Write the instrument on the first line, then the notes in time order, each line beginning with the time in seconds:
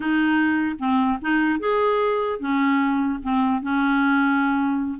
clarinet
0.00 D#4
0.78 C4
1.21 D#4
1.59 G#4
2.39 C#4
3.22 C4
3.61 C#4